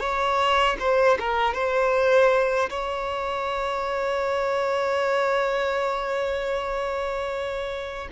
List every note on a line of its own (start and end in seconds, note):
0.00 0.77 C#5
0.80 1.18 C5
1.20 1.54 A#4
1.54 2.70 C5
2.70 8.08 C#5